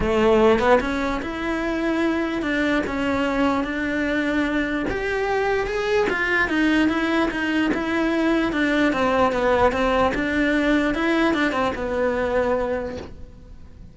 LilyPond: \new Staff \with { instrumentName = "cello" } { \time 4/4 \tempo 4 = 148 a4. b8 cis'4 e'4~ | e'2 d'4 cis'4~ | cis'4 d'2. | g'2 gis'4 f'4 |
dis'4 e'4 dis'4 e'4~ | e'4 d'4 c'4 b4 | c'4 d'2 e'4 | d'8 c'8 b2. | }